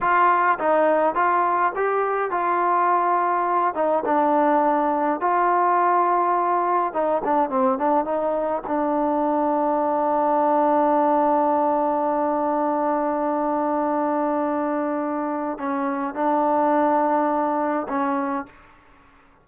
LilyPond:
\new Staff \with { instrumentName = "trombone" } { \time 4/4 \tempo 4 = 104 f'4 dis'4 f'4 g'4 | f'2~ f'8 dis'8 d'4~ | d'4 f'2. | dis'8 d'8 c'8 d'8 dis'4 d'4~ |
d'1~ | d'1~ | d'2. cis'4 | d'2. cis'4 | }